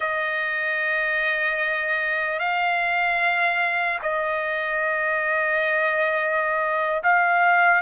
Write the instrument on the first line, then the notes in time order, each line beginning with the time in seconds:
trumpet
0.00 D#5
2.39 F5
4.02 D#5
7.03 F5